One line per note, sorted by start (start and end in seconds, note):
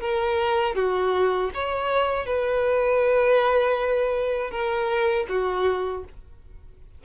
0.00 0.75 A#4
0.75 1.50 F#4
1.54 2.26 C#5
2.26 4.50 B4
4.50 5.25 A#4
5.28 6.03 F#4